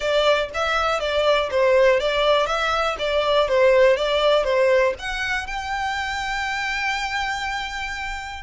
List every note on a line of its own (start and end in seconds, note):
0.00 0.49 D5
0.53 1.00 E5
1.00 1.49 D5
1.50 1.99 C5
1.99 2.46 D5
2.46 2.96 E5
2.98 3.48 D5
3.48 3.96 C5
3.96 4.44 D5
4.44 4.93 C5
4.98 5.47 F#5
5.47 8.43 G5